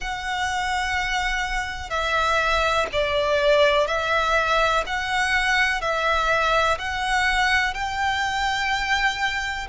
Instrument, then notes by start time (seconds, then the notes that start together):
violin
0.00 F#5
1.90 E5
2.92 D5
3.87 E5
4.86 F#5
5.81 E5
6.78 F#5
7.74 G5